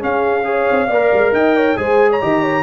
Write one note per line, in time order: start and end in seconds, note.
0.00 0.44 C#4
0.00 0.70 C#4
0.00 0.46 G#4
0.00 1.34 F5
0.44 0.88 G#4
0.44 0.88 C#5
0.70 0.89 C4
0.88 1.11 A#3
0.88 1.77 A#4
0.88 1.32 D5
1.13 1.32 G#3
1.32 1.76 D#4
1.32 1.57 D#5
1.32 1.78 G5
1.57 1.79 C#5
1.77 2.21 G#3
1.77 2.21 G#4
1.77 2.11 C5
1.77 2.10 G#5
2.11 2.22 C#5
2.11 2.64 A#5
2.22 2.64 D#3
2.22 2.64 G4
2.22 2.41 D#5
2.41 2.63 C#5